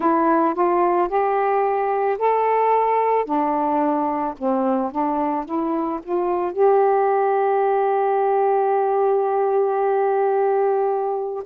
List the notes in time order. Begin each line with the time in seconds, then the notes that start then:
0.00 E4
0.54 F4
1.08 G4
2.18 A4
3.25 D4
4.38 C4
4.91 D4
5.45 E4
6.02 F4
6.52 G4